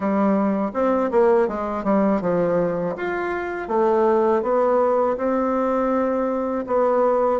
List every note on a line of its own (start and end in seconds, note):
0.00 0.71 G3
0.73 1.10 C4
1.11 1.48 A#3
1.48 1.84 G#3
1.84 2.21 G3
2.21 2.95 F3
2.96 3.68 F4
3.68 4.42 A3
4.42 5.16 B3
5.17 6.65 C4
6.67 7.40 B3